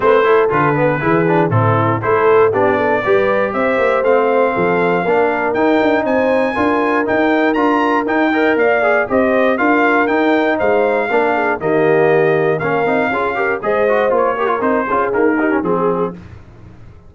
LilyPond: <<
  \new Staff \with { instrumentName = "trumpet" } { \time 4/4 \tempo 4 = 119 c''4 b'2 a'4 | c''4 d''2 e''4 | f''2. g''4 | gis''2 g''4 ais''4 |
g''4 f''4 dis''4 f''4 | g''4 f''2 dis''4~ | dis''4 f''2 dis''4 | cis''4 c''4 ais'4 gis'4 | }
  \new Staff \with { instrumentName = "horn" } { \time 4/4 b'8 a'4. gis'4 e'4 | a'4 g'8 a'8 b'4 c''4~ | c''4 a'4 ais'2 | c''4 ais'2.~ |
ais'8 dis''8 d''4 c''4 ais'4~ | ais'4 c''4 ais'8 gis'8 g'4~ | g'4 ais'4 gis'8 ais'8 c''4~ | c''8 ais'4 gis'4 g'8 gis'4 | }
  \new Staff \with { instrumentName = "trombone" } { \time 4/4 c'8 e'8 f'8 b8 e'8 d'8 c'4 | e'4 d'4 g'2 | c'2 d'4 dis'4~ | dis'4 f'4 dis'4 f'4 |
dis'8 ais'4 gis'8 g'4 f'4 | dis'2 d'4 ais4~ | ais4 cis'8 dis'8 f'8 g'8 gis'8 fis'8 | f'8 g'16 f'16 dis'8 f'8 ais8 dis'16 cis'16 c'4 | }
  \new Staff \with { instrumentName = "tuba" } { \time 4/4 a4 d4 e4 a,4 | a4 b4 g4 c'8 ais8 | a4 f4 ais4 dis'8 d'8 | c'4 d'4 dis'4 d'4 |
dis'4 ais4 c'4 d'4 | dis'4 gis4 ais4 dis4~ | dis4 ais8 c'8 cis'4 gis4 | ais4 c'8 cis'8 dis'4 f4 | }
>>